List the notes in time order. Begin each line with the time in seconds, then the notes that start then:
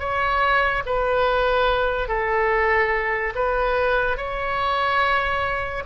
0.00 C#5
0.86 B4
2.09 A4
3.35 B4
4.17 C#5